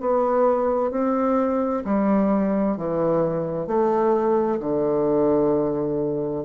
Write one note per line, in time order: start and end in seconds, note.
0.00 0.91 B3
0.91 1.83 C4
1.85 2.77 G3
2.77 3.67 E3
3.67 4.59 A3
4.60 6.44 D3